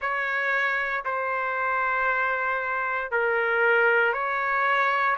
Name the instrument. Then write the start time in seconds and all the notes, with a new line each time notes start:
trumpet
0.00 C#5
1.04 C5
3.11 A#4
4.13 C#5